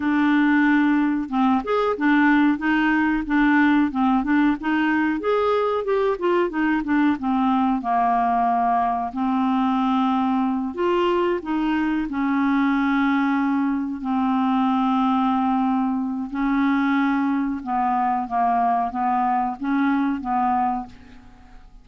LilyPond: \new Staff \with { instrumentName = "clarinet" } { \time 4/4 \tempo 4 = 92 d'2 c'8 gis'8 d'4 | dis'4 d'4 c'8 d'8 dis'4 | gis'4 g'8 f'8 dis'8 d'8 c'4 | ais2 c'2~ |
c'8 f'4 dis'4 cis'4.~ | cis'4. c'2~ c'8~ | c'4 cis'2 b4 | ais4 b4 cis'4 b4 | }